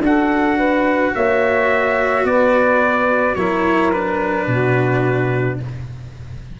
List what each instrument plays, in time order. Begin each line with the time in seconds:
0.00 tuba D4, cello F#4, saxophone A4, trumpet F#5
0.57 saxophone B4
1.13 tuba A#3, saxophone C#5, trumpet E5
2.24 tuba B3, saxophone B4, trumpet D5
3.34 tuba F#3, cello E4, saxophone A#4, trumpet C#5
3.91 cello D4, trumpet B4
4.47 tuba B2, saxophone F#4